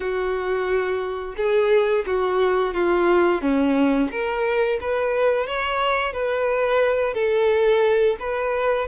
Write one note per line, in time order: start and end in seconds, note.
0.00 1.35 F#4
1.36 2.05 G#4
2.06 2.74 F#4
2.74 3.41 F4
3.41 4.09 C#4
4.11 4.79 A#4
4.81 5.46 B4
5.46 6.12 C#5
6.12 7.14 B4
7.14 8.16 A4
8.19 8.87 B4